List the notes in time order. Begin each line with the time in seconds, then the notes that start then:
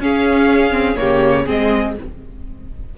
0.00 C#4 G#4 F5
0.71 C4
0.96 C#3 A#3 G4 C#5
1.45 G#3 C4 G#4 D#5